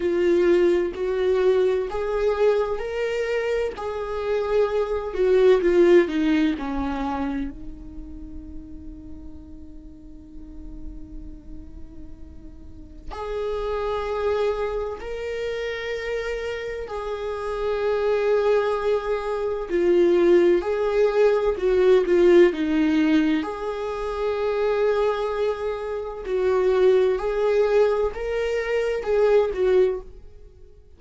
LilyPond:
\new Staff \with { instrumentName = "viola" } { \time 4/4 \tempo 4 = 64 f'4 fis'4 gis'4 ais'4 | gis'4. fis'8 f'8 dis'8 cis'4 | dis'1~ | dis'2 gis'2 |
ais'2 gis'2~ | gis'4 f'4 gis'4 fis'8 f'8 | dis'4 gis'2. | fis'4 gis'4 ais'4 gis'8 fis'8 | }